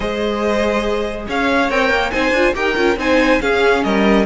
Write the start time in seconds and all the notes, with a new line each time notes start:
0.00 G#3 G#4 C5 D#5
1.27 C#4 C#5 F5
1.69 C4 A#4 G5
1.90 A#3
2.11 C4 D#4 C5 G#5
2.31 D4 F4
2.54 D#4 G4 A#4 G5
2.76 C#4 F4
2.96 C4 D#4 C5 G#5
3.40 C#4 G#4 F5
3.83 G3 A#4 D#5